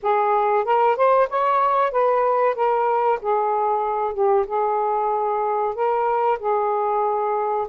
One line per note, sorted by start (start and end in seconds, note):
0.02 0.64 G#4
0.64 0.96 A#4
0.96 1.28 C5
1.29 1.91 C#5
1.91 2.55 B4
2.55 3.19 A#4
3.21 4.13 G#4
4.13 4.45 G4
4.47 5.74 G#4
5.74 6.38 A#4
6.39 7.67 G#4